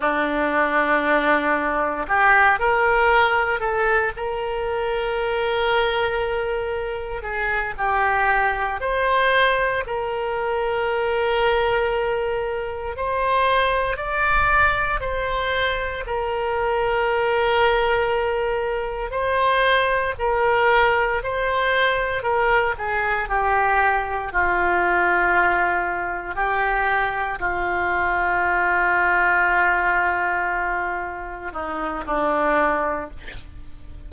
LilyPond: \new Staff \with { instrumentName = "oboe" } { \time 4/4 \tempo 4 = 58 d'2 g'8 ais'4 a'8 | ais'2. gis'8 g'8~ | g'8 c''4 ais'2~ ais'8~ | ais'8 c''4 d''4 c''4 ais'8~ |
ais'2~ ais'8 c''4 ais'8~ | ais'8 c''4 ais'8 gis'8 g'4 f'8~ | f'4. g'4 f'4.~ | f'2~ f'8 dis'8 d'4 | }